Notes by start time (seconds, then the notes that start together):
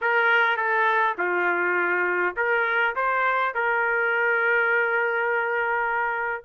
0.01 A#4
0.56 A4
1.17 F4
2.36 A#4
2.95 C5
3.54 A#4